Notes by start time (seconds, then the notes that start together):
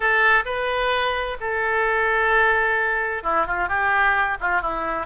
0.00 A4
0.45 B4
1.40 A4
3.23 E4
3.46 F4
3.68 G4
4.40 F4
4.61 E4